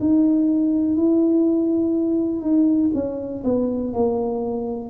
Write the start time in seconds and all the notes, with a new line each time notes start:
0.00 D#4
0.96 E4
2.41 D#4
2.94 C#4
3.44 B3
3.93 A#3